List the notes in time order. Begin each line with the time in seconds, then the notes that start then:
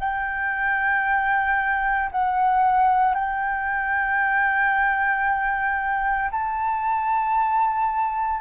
0.00 G5
2.12 F#5
3.15 G5
6.32 A5